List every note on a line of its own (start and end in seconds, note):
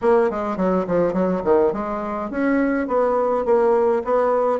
0.01 0.30 A#3
0.30 0.56 G#3
0.56 0.85 F#3
0.87 1.12 F3
1.12 1.41 F#3
1.44 1.73 D#3
1.73 2.30 G#3
2.30 2.87 C#4
2.87 3.45 B3
3.45 4.02 A#3
4.04 4.59 B3